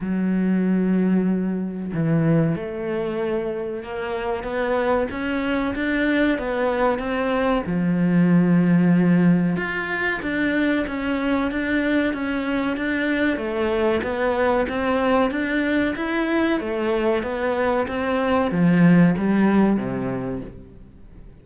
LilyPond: \new Staff \with { instrumentName = "cello" } { \time 4/4 \tempo 4 = 94 fis2. e4 | a2 ais4 b4 | cis'4 d'4 b4 c'4 | f2. f'4 |
d'4 cis'4 d'4 cis'4 | d'4 a4 b4 c'4 | d'4 e'4 a4 b4 | c'4 f4 g4 c4 | }